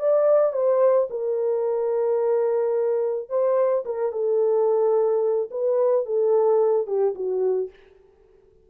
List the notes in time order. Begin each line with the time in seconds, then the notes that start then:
0.00 D5
0.53 C5
1.10 A#4
3.30 C5
3.85 A#4
4.12 A4
5.51 B4
6.06 A4
6.87 G4
7.15 F#4